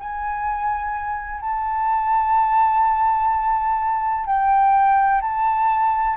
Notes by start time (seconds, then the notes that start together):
0.00 G#5
1.41 A5
4.26 G5
5.22 A5